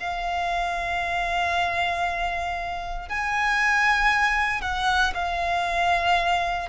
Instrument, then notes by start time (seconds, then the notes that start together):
violin
0.00 F5
3.09 G#5
4.62 F#5
5.14 F5